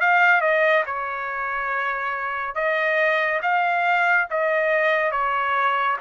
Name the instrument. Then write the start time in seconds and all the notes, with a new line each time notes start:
trumpet
0.00 F5
0.41 D#5
0.85 C#5
2.55 D#5
3.42 F5
4.30 D#5
5.11 C#5